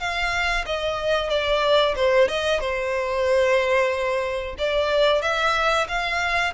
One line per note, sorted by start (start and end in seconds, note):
0.00 0.65 F5
0.66 1.30 D#5
1.30 1.95 D5
1.96 2.29 C5
2.29 2.60 D#5
2.60 4.56 C5
4.59 5.22 D5
5.22 5.87 E5
5.88 6.54 F5